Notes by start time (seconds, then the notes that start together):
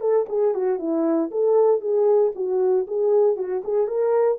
0.00 A4
0.29 G#4
0.54 F#4
0.78 E4
1.31 A4
1.81 G#4
2.35 F#4
2.87 G#4
3.36 F#4
3.64 G#4
3.87 A#4